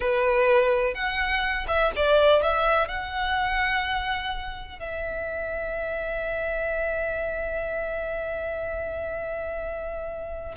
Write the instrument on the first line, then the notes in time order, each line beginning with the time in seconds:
violin
0.00 B4
0.94 F#5
1.67 E5
1.96 D5
2.42 E5
2.88 F#5
4.79 E5